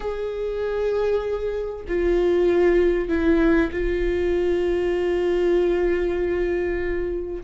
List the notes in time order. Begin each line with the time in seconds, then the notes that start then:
0.00 G#4
1.88 F4
3.08 E4
3.72 F4